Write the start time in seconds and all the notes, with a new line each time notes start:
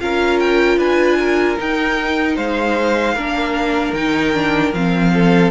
0.00 C#4 F4 A#4 F5
0.39 G5
0.77 D4 B4 G#5
1.18 A#4
1.58 D#4 G5
2.36 G#3 C5 F5
3.15 A#3 D4 A#4
3.93 D#3 D#4 G5
4.34 D4
4.73 F3 C4 F5
5.14 A4